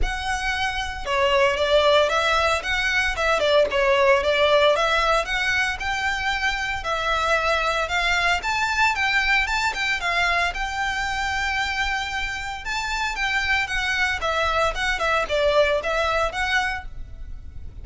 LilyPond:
\new Staff \with { instrumentName = "violin" } { \time 4/4 \tempo 4 = 114 fis''2 cis''4 d''4 | e''4 fis''4 e''8 d''8 cis''4 | d''4 e''4 fis''4 g''4~ | g''4 e''2 f''4 |
a''4 g''4 a''8 g''8 f''4 | g''1 | a''4 g''4 fis''4 e''4 | fis''8 e''8 d''4 e''4 fis''4 | }